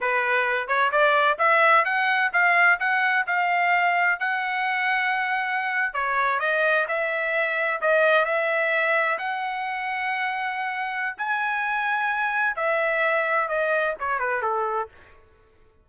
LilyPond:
\new Staff \with { instrumentName = "trumpet" } { \time 4/4 \tempo 4 = 129 b'4. cis''8 d''4 e''4 | fis''4 f''4 fis''4 f''4~ | f''4 fis''2.~ | fis''8. cis''4 dis''4 e''4~ e''16~ |
e''8. dis''4 e''2 fis''16~ | fis''1 | gis''2. e''4~ | e''4 dis''4 cis''8 b'8 a'4 | }